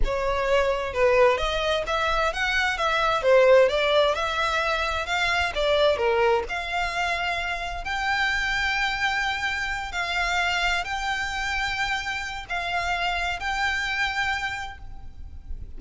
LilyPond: \new Staff \with { instrumentName = "violin" } { \time 4/4 \tempo 4 = 130 cis''2 b'4 dis''4 | e''4 fis''4 e''4 c''4 | d''4 e''2 f''4 | d''4 ais'4 f''2~ |
f''4 g''2.~ | g''4. f''2 g''8~ | g''2. f''4~ | f''4 g''2. | }